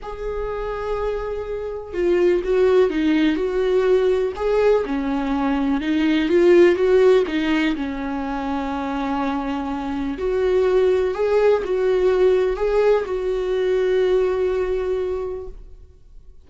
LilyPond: \new Staff \with { instrumentName = "viola" } { \time 4/4 \tempo 4 = 124 gis'1 | f'4 fis'4 dis'4 fis'4~ | fis'4 gis'4 cis'2 | dis'4 f'4 fis'4 dis'4 |
cis'1~ | cis'4 fis'2 gis'4 | fis'2 gis'4 fis'4~ | fis'1 | }